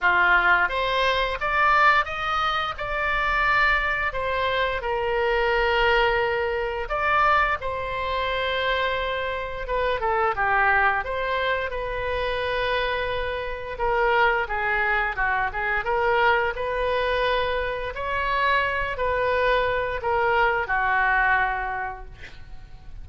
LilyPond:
\new Staff \with { instrumentName = "oboe" } { \time 4/4 \tempo 4 = 87 f'4 c''4 d''4 dis''4 | d''2 c''4 ais'4~ | ais'2 d''4 c''4~ | c''2 b'8 a'8 g'4 |
c''4 b'2. | ais'4 gis'4 fis'8 gis'8 ais'4 | b'2 cis''4. b'8~ | b'4 ais'4 fis'2 | }